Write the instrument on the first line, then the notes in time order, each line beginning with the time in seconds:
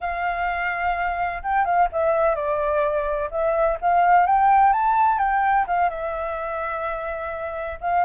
flute
0.00 F5
1.42 G5
1.64 F5
1.92 E5
2.35 D5
3.30 E5
3.81 F5
4.26 G5
4.72 A5
5.18 G5
5.67 F5
5.89 E5
7.80 F5